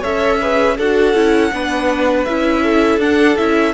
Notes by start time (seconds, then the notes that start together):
0.00 C#4 A4 C#5 E5
0.40 G#4 B4
0.77 D4 F#4 A4 F#5
1.14 C#4 E4
1.52 B3 D4 B4
2.24 C#4 E4 E5
2.62 A4
2.98 D4 F#5
3.37 C#4 E4 E5